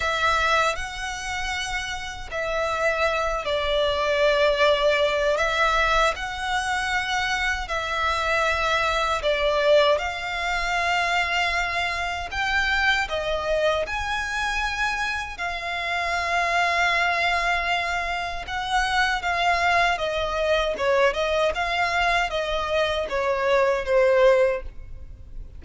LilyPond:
\new Staff \with { instrumentName = "violin" } { \time 4/4 \tempo 4 = 78 e''4 fis''2 e''4~ | e''8 d''2~ d''8 e''4 | fis''2 e''2 | d''4 f''2. |
g''4 dis''4 gis''2 | f''1 | fis''4 f''4 dis''4 cis''8 dis''8 | f''4 dis''4 cis''4 c''4 | }